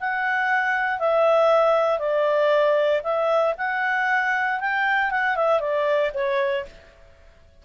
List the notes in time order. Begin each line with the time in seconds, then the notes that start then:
0.00 F#5
0.99 E5
1.99 D5
3.03 E5
3.57 F#5
4.60 G5
5.11 F#5
5.36 E5
5.60 D5
6.14 C#5